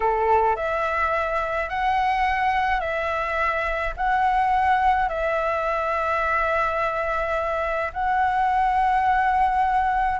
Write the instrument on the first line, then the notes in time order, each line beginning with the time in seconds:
flute
0.00 A4
0.55 E5
1.69 F#5
2.80 E5
3.96 F#5
5.08 E5
7.93 F#5